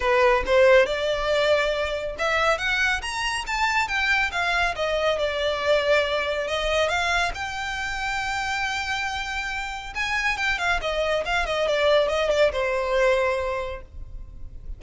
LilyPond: \new Staff \with { instrumentName = "violin" } { \time 4/4 \tempo 4 = 139 b'4 c''4 d''2~ | d''4 e''4 fis''4 ais''4 | a''4 g''4 f''4 dis''4 | d''2. dis''4 |
f''4 g''2.~ | g''2. gis''4 | g''8 f''8 dis''4 f''8 dis''8 d''4 | dis''8 d''8 c''2. | }